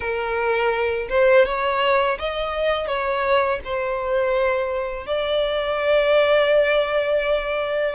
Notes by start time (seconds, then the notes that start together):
0.00 A#4
1.09 C5
1.45 C#5
2.18 D#5
2.87 C#5
3.64 C5
5.06 D5